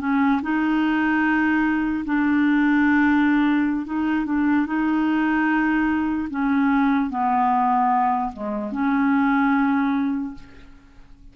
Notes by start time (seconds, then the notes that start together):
0.00 C#4
0.42 D#4
2.05 D4
3.86 D#4
4.26 D4
4.66 D#4
6.30 C#4
7.10 B3
8.33 G#3
8.72 C#4